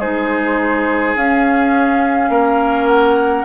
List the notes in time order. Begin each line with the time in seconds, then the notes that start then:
0.00 G#3 D#4 G#4 C5
1.16 C#4 F5
2.30 A#3 A#4
2.87 F#5